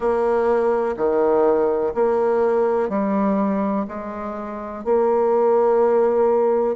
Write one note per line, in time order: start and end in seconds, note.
0.00 0.95 A#3
0.96 1.93 D#3
1.94 2.89 A#3
2.89 3.85 G3
3.88 4.84 G#3
4.84 6.76 A#3